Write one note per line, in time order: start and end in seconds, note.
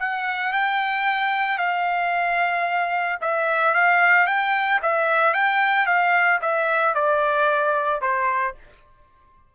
0.00 0.53 F#5
0.53 1.59 G5
1.59 3.19 F5
3.22 3.75 E5
3.75 4.27 F5
4.27 4.81 G5
4.83 5.34 E5
5.34 5.87 G5
5.87 6.40 F5
6.42 6.95 E5
6.95 8.02 D5
8.02 8.55 C5